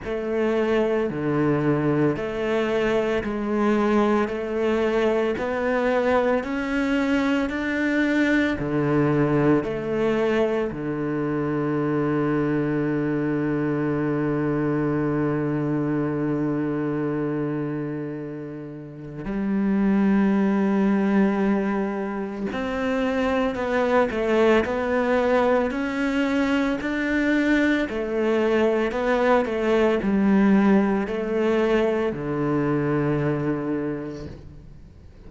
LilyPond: \new Staff \with { instrumentName = "cello" } { \time 4/4 \tempo 4 = 56 a4 d4 a4 gis4 | a4 b4 cis'4 d'4 | d4 a4 d2~ | d1~ |
d2 g2~ | g4 c'4 b8 a8 b4 | cis'4 d'4 a4 b8 a8 | g4 a4 d2 | }